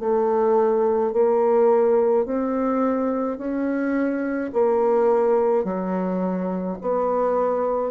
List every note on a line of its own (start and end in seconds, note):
0.00 1.13 A3
1.13 2.26 A#3
2.26 3.38 C4
3.38 4.51 C#4
4.53 5.65 A#3
5.65 6.78 F#3
6.82 7.91 B3